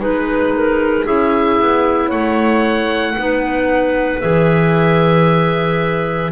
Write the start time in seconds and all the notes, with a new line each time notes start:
0.00 G#3 D#4 B4
0.55 A#4
1.05 C#4 E4 G#4 E5
1.60 B3
2.07 A3 C#5 F#5
3.18 B3 D#4 B4
4.21 E3 G#4 E5